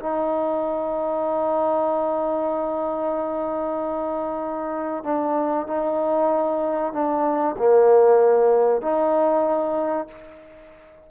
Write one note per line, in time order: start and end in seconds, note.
0.00 5.04 D#4
5.04 5.68 D4
5.68 6.93 D#4
6.93 7.56 D4
7.58 8.82 A#3
8.82 10.08 D#4